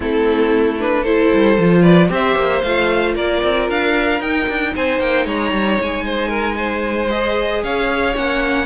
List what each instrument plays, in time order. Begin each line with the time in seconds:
0.00 cello A3, viola C4, violin E4 A4
0.79 viola D4, violin B4
1.01 viola E4, violin A4 C5
1.33 cello G3
1.57 cello F3, viola F4
1.82 violin B4 D5
2.08 cello C4, viola G4, violin C5 E5
2.36 cello A#3
2.61 cello A3, viola F4, violin F5
3.14 cello A#3, violin A#4 D5
3.42 cello C4
3.69 cello D4, violin F5
4.20 viola D#4, cello D#4, violin G5
4.48 cello D4
4.75 cello C4, violin C5 G#5
4.99 cello A#3, violin G5
5.25 cello G#3, violin C#5 A#5
5.52 cello G3
5.80 cello G#3, violin G#5
6.04 violin C5
6.28 violin A#4
6.57 violin C5
7.09 viola G#4, violin D#5
7.63 cello C#4, violin C#5 F5
8.14 cello A#3, viola C#4, violin F#5